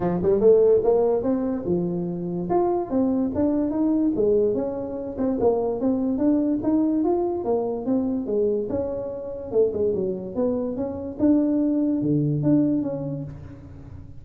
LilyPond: \new Staff \with { instrumentName = "tuba" } { \time 4/4 \tempo 4 = 145 f8 g8 a4 ais4 c'4 | f2 f'4 c'4 | d'4 dis'4 gis4 cis'4~ | cis'8 c'8 ais4 c'4 d'4 |
dis'4 f'4 ais4 c'4 | gis4 cis'2 a8 gis8 | fis4 b4 cis'4 d'4~ | d'4 d4 d'4 cis'4 | }